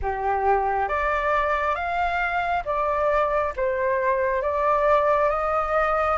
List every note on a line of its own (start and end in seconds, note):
0.02 0.88 G4
0.88 1.74 D5
1.74 2.63 F5
2.65 3.53 D5
3.56 4.42 C5
4.42 5.29 D5
5.29 6.17 D#5